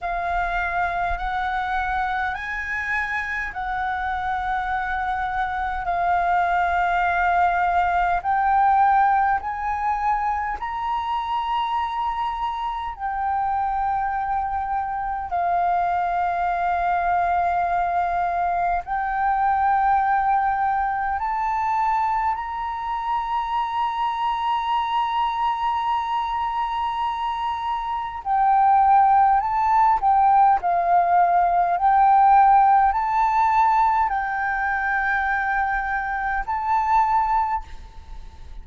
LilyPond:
\new Staff \with { instrumentName = "flute" } { \time 4/4 \tempo 4 = 51 f''4 fis''4 gis''4 fis''4~ | fis''4 f''2 g''4 | gis''4 ais''2 g''4~ | g''4 f''2. |
g''2 a''4 ais''4~ | ais''1 | g''4 a''8 g''8 f''4 g''4 | a''4 g''2 a''4 | }